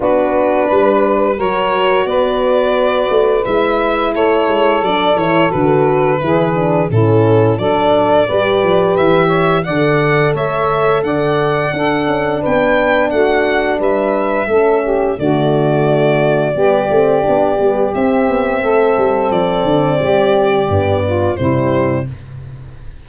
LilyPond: <<
  \new Staff \with { instrumentName = "violin" } { \time 4/4 \tempo 4 = 87 b'2 cis''4 d''4~ | d''4 e''4 cis''4 d''8 cis''8 | b'2 a'4 d''4~ | d''4 e''4 fis''4 e''4 |
fis''2 g''4 fis''4 | e''2 d''2~ | d''2 e''2 | d''2. c''4 | }
  \new Staff \with { instrumentName = "saxophone" } { \time 4/4 fis'4 b'4 ais'4 b'4~ | b'2 a'2~ | a'4 gis'4 e'4 a'4 | b'4. cis''8 d''4 cis''4 |
d''4 a'4 b'4 fis'4 | b'4 a'8 g'8 fis'2 | g'2. a'4~ | a'4 g'4. f'8 e'4 | }
  \new Staff \with { instrumentName = "horn" } { \time 4/4 d'2 fis'2~ | fis'4 e'2 d'8 e'8 | fis'4 e'8 d'8 cis'4 d'4 | g'2 a'2~ |
a'4 d'2.~ | d'4 cis'4 a2 | b8 c'8 d'8 b8 c'2~ | c'2 b4 g4 | }
  \new Staff \with { instrumentName = "tuba" } { \time 4/4 b4 g4 fis4 b4~ | b8 a8 gis4 a8 gis8 fis8 e8 | d4 e4 a,4 fis4 | g8 f8 e4 d4 a4 |
d4 d'8 cis'8 b4 a4 | g4 a4 d2 | g8 a8 b8 g8 c'8 b8 a8 g8 | f8 d8 g4 g,4 c4 | }
>>